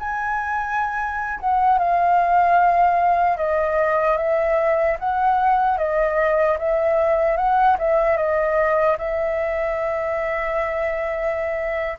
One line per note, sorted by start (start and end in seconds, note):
0.00 1.40 G#5
1.41 1.79 F#5
1.79 3.37 F5
3.37 4.17 D#5
4.18 4.98 E5
5.00 5.78 F#5
5.78 6.58 D#5
6.59 7.37 E5
7.37 7.77 F#5
7.79 8.17 E5
8.17 8.97 D#5
8.99 11.99 E5